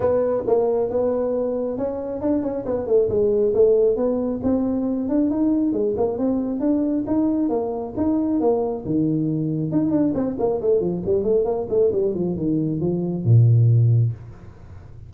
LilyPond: \new Staff \with { instrumentName = "tuba" } { \time 4/4 \tempo 4 = 136 b4 ais4 b2 | cis'4 d'8 cis'8 b8 a8 gis4 | a4 b4 c'4. d'8 | dis'4 gis8 ais8 c'4 d'4 |
dis'4 ais4 dis'4 ais4 | dis2 dis'8 d'8 c'8 ais8 | a8 f8 g8 a8 ais8 a8 g8 f8 | dis4 f4 ais,2 | }